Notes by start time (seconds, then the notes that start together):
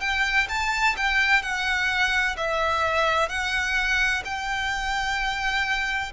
0.00 G5
0.49 A5
0.96 G5
1.42 F#5
2.37 E5
3.29 F#5
4.24 G5